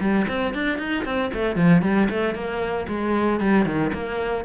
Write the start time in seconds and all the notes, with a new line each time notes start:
0.00 G3
0.28 C4
0.54 D4
0.78 D#4
1.05 C4
1.33 A3
1.56 F3
1.82 G3
2.10 A3
2.35 A#3
2.88 G#3
3.40 G3
3.65 D#3
3.93 A#3